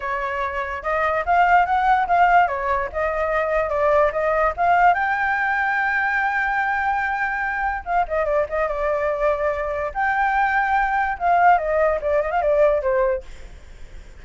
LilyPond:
\new Staff \with { instrumentName = "flute" } { \time 4/4 \tempo 4 = 145 cis''2 dis''4 f''4 | fis''4 f''4 cis''4 dis''4~ | dis''4 d''4 dis''4 f''4 | g''1~ |
g''2. f''8 dis''8 | d''8 dis''8 d''2. | g''2. f''4 | dis''4 d''8 dis''16 f''16 d''4 c''4 | }